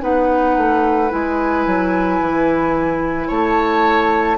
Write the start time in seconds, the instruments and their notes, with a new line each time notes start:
0.00 bassoon B3, clarinet D#4, oboe B4, flute F#5
0.56 bassoon A3
1.09 bassoon G#3, clarinet E4, flute G#5
1.66 bassoon F#3
2.20 bassoon E3
3.27 bassoon A3, oboe C#5, flute A5